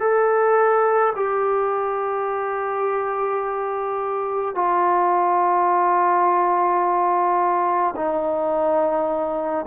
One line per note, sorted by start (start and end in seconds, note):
0.00 1.13 A4
1.15 4.55 G4
4.55 7.95 F4
7.96 9.66 D#4